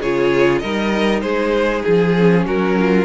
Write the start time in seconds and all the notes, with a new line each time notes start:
0.00 C#3 F4 G#4 C#5
0.59 G3 D#4 A#4 D#5
1.21 G#3 G#4 C5
1.84 F3 G#4
2.19 C#4
2.46 F#3 F#4 A#4
2.80 F4